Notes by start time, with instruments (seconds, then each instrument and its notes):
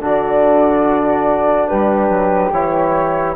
0.00 bassoon D3, trombone D4, flute F#4 D5
1.67 bassoon G3, flute G4 B4
2.09 bassoon F#3
2.52 bassoon E3, trombone E4, flute C#5